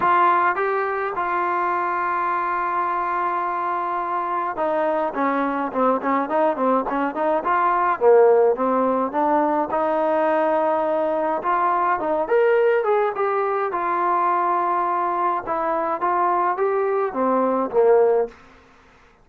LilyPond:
\new Staff \with { instrumentName = "trombone" } { \time 4/4 \tempo 4 = 105 f'4 g'4 f'2~ | f'1 | dis'4 cis'4 c'8 cis'8 dis'8 c'8 | cis'8 dis'8 f'4 ais4 c'4 |
d'4 dis'2. | f'4 dis'8 ais'4 gis'8 g'4 | f'2. e'4 | f'4 g'4 c'4 ais4 | }